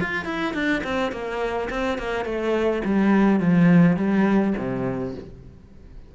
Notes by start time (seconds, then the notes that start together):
0.00 F4
0.25 E4
0.54 D4
0.84 C4
1.12 A#3
1.70 C4
1.99 A#3
2.25 A3
2.85 G3
3.40 F3
3.97 G3
4.58 C3